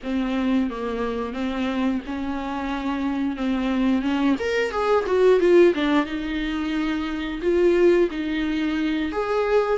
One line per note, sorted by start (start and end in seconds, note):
0.03 0.70 C4
0.70 1.33 A#3
1.33 2.00 C4
2.06 3.36 C#4
3.36 4.02 C4
4.02 4.35 C#4
4.39 4.71 A#4
4.71 5.04 G#4
5.06 5.39 F#4
5.39 5.73 F4
5.74 6.05 D4
6.05 7.40 D#4
7.42 8.09 F4
8.11 9.12 D#4
9.12 9.77 G#4